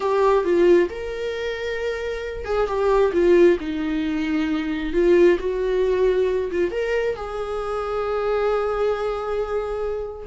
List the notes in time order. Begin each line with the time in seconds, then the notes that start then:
0.00 G4
0.44 F4
0.89 A#4
2.44 G#4
2.67 G4
3.12 F4
3.59 D#4
4.93 F4
5.39 F#4
6.51 F4
6.71 A#4
7.16 G#4